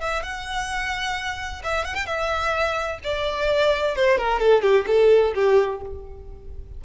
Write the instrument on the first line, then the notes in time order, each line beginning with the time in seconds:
violin
0.00 E5
0.22 F#5
1.63 E5
1.84 F#5
1.94 G5
2.05 E5
3.03 D5
3.95 C5
4.18 A#4
4.39 A4
4.62 G4
4.86 A4
5.34 G4